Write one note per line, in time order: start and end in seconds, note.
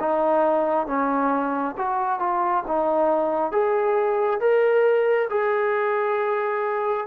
0.00 0.87 D#4
0.87 1.75 C#4
1.78 2.20 F#4
2.20 2.64 F4
2.68 3.52 D#4
3.52 4.40 G#4
4.41 5.29 A#4
5.30 7.07 G#4